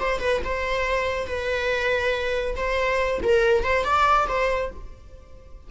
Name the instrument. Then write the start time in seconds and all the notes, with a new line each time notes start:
viola
0.00 C5
0.20 B4
0.45 C5
1.27 B4
2.57 C5
3.23 A#4
3.64 C5
3.85 D5
4.28 C5